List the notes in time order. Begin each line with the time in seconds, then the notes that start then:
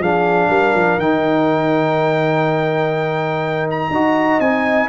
0.00 F3 D4 G#4 F5
0.49 G3 A#4
0.75 F3
0.98 D#3 D#4 G5
3.71 A#5
3.91 D#4 F#4 D#5
4.40 C4 D#4 G#5